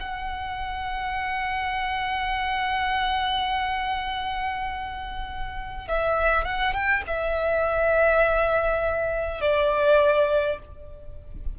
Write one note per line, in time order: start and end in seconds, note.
0.00 5.88 F#5
5.88 6.45 E5
6.45 6.74 F#5
6.74 7.03 G5
7.07 9.41 E5
9.41 10.59 D5